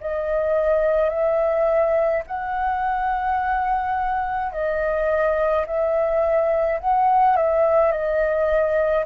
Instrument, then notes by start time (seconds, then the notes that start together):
flute
0.00 D#5
1.10 E5
2.26 F#5
4.52 D#5
5.66 E5
6.80 F#5
7.36 E5
7.91 D#5